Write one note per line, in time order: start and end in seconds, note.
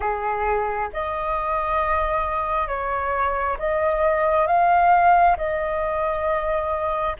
0.00 0.89 G#4
0.93 2.67 D#5
2.67 3.57 C#5
3.58 4.46 D#5
4.46 5.36 F5
5.37 7.16 D#5